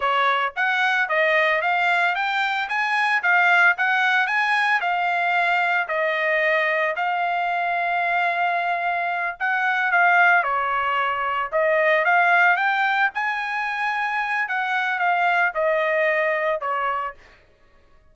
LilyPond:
\new Staff \with { instrumentName = "trumpet" } { \time 4/4 \tempo 4 = 112 cis''4 fis''4 dis''4 f''4 | g''4 gis''4 f''4 fis''4 | gis''4 f''2 dis''4~ | dis''4 f''2.~ |
f''4. fis''4 f''4 cis''8~ | cis''4. dis''4 f''4 g''8~ | g''8 gis''2~ gis''8 fis''4 | f''4 dis''2 cis''4 | }